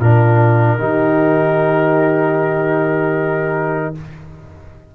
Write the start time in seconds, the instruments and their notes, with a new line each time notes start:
0.00 tuba A#2, trombone D4, horn F4, trumpet A#4
0.79 tuba D#3, trombone D#4, horn G4